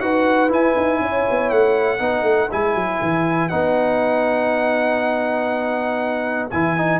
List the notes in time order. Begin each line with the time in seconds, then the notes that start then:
0.00 D#4 F#4 B4 F#5
0.48 E4 G#5
0.76 D#4
1.00 C#4 C#5
1.30 B3
1.49 A3 F#5
1.99 B3 D#4 B4
2.22 A3
2.51 G#3 E4 G#5
2.74 F#3
3.02 E3
3.48 B3 D#4 F#5
6.50 E3 E4 G#5
6.77 D#4